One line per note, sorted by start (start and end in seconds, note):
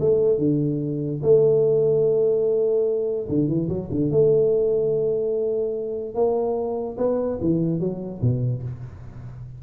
0.00 0.38 A3
0.38 1.20 D3
1.22 3.28 A3
3.28 3.47 D3
3.47 3.68 E3
3.68 3.89 F#3
3.91 4.11 D3
4.11 6.14 A3
6.14 6.96 A#3
6.97 7.38 B3
7.41 7.80 E3
7.80 8.21 F#3
8.21 8.62 B2